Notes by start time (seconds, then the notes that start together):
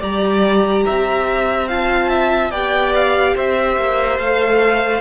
0.00 G3 G4 D5 A#5
0.85 C4 E5
1.68 F4 F5 A5
2.09 E5
2.51 B3 G4 D5 G5
2.95 F5
3.35 C4 C5 E5
3.77 A#3
4.19 A3 A4 F5